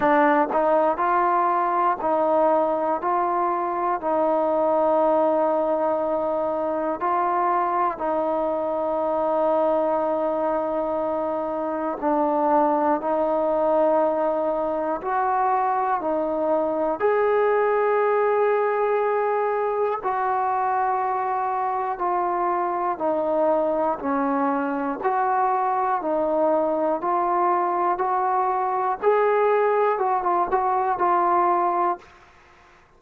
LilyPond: \new Staff \with { instrumentName = "trombone" } { \time 4/4 \tempo 4 = 60 d'8 dis'8 f'4 dis'4 f'4 | dis'2. f'4 | dis'1 | d'4 dis'2 fis'4 |
dis'4 gis'2. | fis'2 f'4 dis'4 | cis'4 fis'4 dis'4 f'4 | fis'4 gis'4 fis'16 f'16 fis'8 f'4 | }